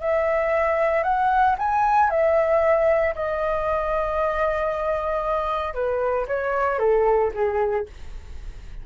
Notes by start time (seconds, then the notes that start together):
0.00 E5
1.03 F#5
1.58 G#5
2.10 E5
3.15 D#5
5.74 B4
6.27 C#5
6.78 A4
7.34 G#4